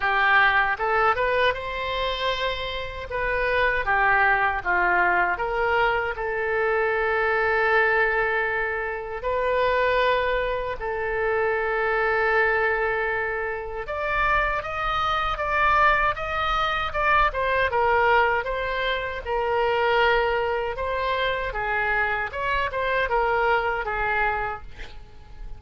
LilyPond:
\new Staff \with { instrumentName = "oboe" } { \time 4/4 \tempo 4 = 78 g'4 a'8 b'8 c''2 | b'4 g'4 f'4 ais'4 | a'1 | b'2 a'2~ |
a'2 d''4 dis''4 | d''4 dis''4 d''8 c''8 ais'4 | c''4 ais'2 c''4 | gis'4 cis''8 c''8 ais'4 gis'4 | }